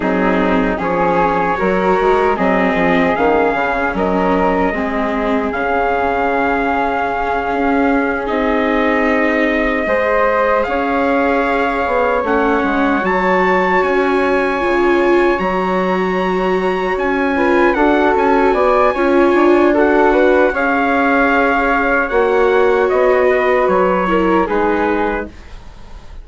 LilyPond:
<<
  \new Staff \with { instrumentName = "trumpet" } { \time 4/4 \tempo 4 = 76 gis'4 cis''2 dis''4 | f''4 dis''2 f''4~ | f''2~ f''8 dis''4.~ | dis''4. f''2 fis''8~ |
fis''8 a''4 gis''2 ais''8~ | ais''4. gis''4 fis''8 gis''4~ | gis''4 fis''4 f''2 | fis''4 dis''4 cis''4 b'4 | }
  \new Staff \with { instrumentName = "flute" } { \time 4/4 dis'4 gis'4 ais'4 gis'4~ | gis'4 ais'4 gis'2~ | gis'1~ | gis'8 c''4 cis''2~ cis''8~ |
cis''1~ | cis''2 b'8 a'4 d''8 | cis''4 a'8 b'8 cis''2~ | cis''4. b'4 ais'8 gis'4 | }
  \new Staff \with { instrumentName = "viola" } { \time 4/4 c'4 cis'4 fis'4 c'4 | cis'2 c'4 cis'4~ | cis'2~ cis'8 dis'4.~ | dis'8 gis'2. cis'8~ |
cis'8 fis'2 f'4 fis'8~ | fis'2 f'8 fis'4. | f'4 fis'4 gis'2 | fis'2~ fis'8 e'8 dis'4 | }
  \new Staff \with { instrumentName = "bassoon" } { \time 4/4 fis4 f4 fis8 gis8 fis8 f8 | dis8 cis8 fis4 gis4 cis4~ | cis4. cis'4 c'4.~ | c'8 gis4 cis'4. b8 a8 |
gis8 fis4 cis'4 cis4 fis8~ | fis4. cis'4 d'8 cis'8 b8 | cis'8 d'4. cis'2 | ais4 b4 fis4 gis4 | }
>>